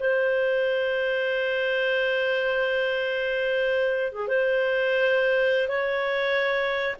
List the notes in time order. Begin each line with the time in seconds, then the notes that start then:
0.00 C5
4.13 G#4
4.28 C5
5.69 C#5